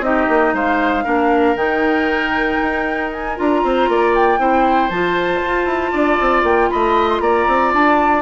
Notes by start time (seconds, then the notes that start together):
0.00 C4 D#4 G4 D#5
0.28 A#3
0.53 G#3 C5 F5
1.04 A#3 D4 A#4
1.55 D#3 D#4 G5
2.62 D#4
3.12 G#5
3.36 D4 F4 A#5
3.63 C4 C5
3.88 A#3 D5
4.15 G5
4.38 C4 E4 C5
4.89 F3 F4 A5
5.41 F4
5.65 E4
5.92 D4 D5
6.20 C4
6.43 A#3 G5
6.70 A3 D#5 B5
7.09 C6
7.20 A#3 D5 A#5
7.47 C4
7.73 D4 A5